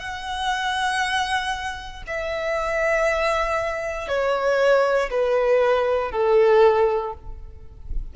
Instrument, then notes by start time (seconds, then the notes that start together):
violin
0.00 F#5
2.08 E5
4.09 C#5
5.11 B4
6.12 A4